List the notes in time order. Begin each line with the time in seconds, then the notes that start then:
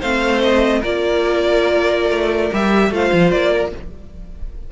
0.00 A3 C4 C5 F5
0.43 D#5
0.81 A#3 F4 A#4 D5
2.10 A3
2.52 G3 G4 E5
2.91 A3 F4 C5 F5
3.13 F3
3.31 A#3 D5
3.51 A#4